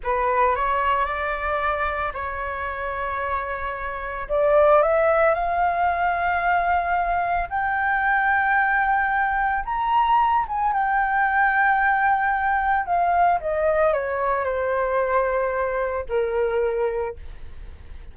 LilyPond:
\new Staff \with { instrumentName = "flute" } { \time 4/4 \tempo 4 = 112 b'4 cis''4 d''2 | cis''1 | d''4 e''4 f''2~ | f''2 g''2~ |
g''2 ais''4. gis''8 | g''1 | f''4 dis''4 cis''4 c''4~ | c''2 ais'2 | }